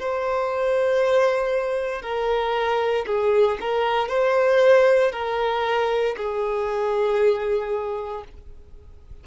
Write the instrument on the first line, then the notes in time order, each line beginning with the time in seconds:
violin
0.00 C5
2.03 A#4
3.07 G#4
3.61 A#4
4.09 C5
5.13 A#4
6.17 G#4